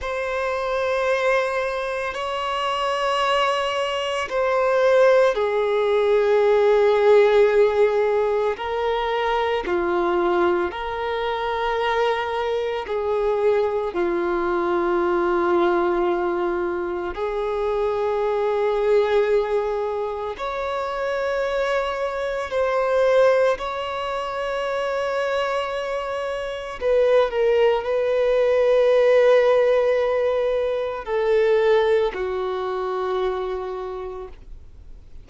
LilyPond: \new Staff \with { instrumentName = "violin" } { \time 4/4 \tempo 4 = 56 c''2 cis''2 | c''4 gis'2. | ais'4 f'4 ais'2 | gis'4 f'2. |
gis'2. cis''4~ | cis''4 c''4 cis''2~ | cis''4 b'8 ais'8 b'2~ | b'4 a'4 fis'2 | }